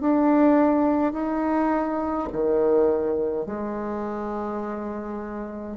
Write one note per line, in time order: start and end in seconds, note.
0.00 1.13 D4
1.13 2.28 D#4
2.32 3.46 D#3
3.46 5.76 G#3